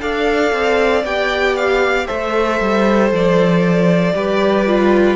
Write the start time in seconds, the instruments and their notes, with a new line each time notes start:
0.00 cello D4, viola A4, violin D5 F5
0.52 cello C4
1.03 cello B3, viola G4, violin G5
1.56 violin F5
2.06 cello A3, viola A4, violin C5 E5
2.60 cello G3
3.12 cello F3, violin D5
4.14 cello G3, viola G4, violin B4
4.66 viola F4